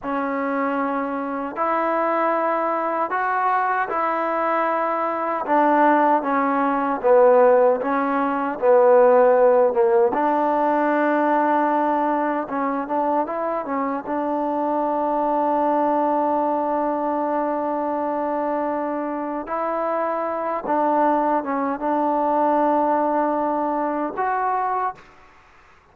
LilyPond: \new Staff \with { instrumentName = "trombone" } { \time 4/4 \tempo 4 = 77 cis'2 e'2 | fis'4 e'2 d'4 | cis'4 b4 cis'4 b4~ | b8 ais8 d'2. |
cis'8 d'8 e'8 cis'8 d'2~ | d'1~ | d'4 e'4. d'4 cis'8 | d'2. fis'4 | }